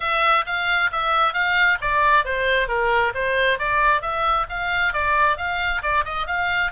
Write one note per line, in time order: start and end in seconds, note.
0.00 0.45 E5
0.46 0.91 F5
0.92 1.33 E5
1.33 1.78 F5
1.81 2.24 D5
2.24 2.67 C5
2.67 3.12 A#4
3.14 3.58 C5
3.58 4.01 D5
4.01 4.46 E5
4.49 4.93 F5
4.93 5.37 D5
5.37 5.82 F5
5.82 6.04 D5
6.04 6.27 D#5
6.27 6.71 F5